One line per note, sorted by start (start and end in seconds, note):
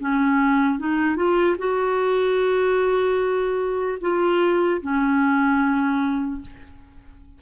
0.00 0.79 C#4
0.79 1.17 D#4
1.17 1.57 F4
1.58 3.98 F#4
4.01 4.81 F4
4.82 6.42 C#4